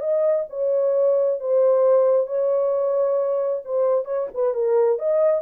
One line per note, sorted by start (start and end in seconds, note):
0.00 0.45 D#5
0.50 1.40 C#5
1.40 2.27 C5
2.27 3.62 C#5
3.65 4.05 C5
4.05 4.27 C#5
4.34 4.54 B4
4.54 4.99 A#4
4.99 5.42 D#5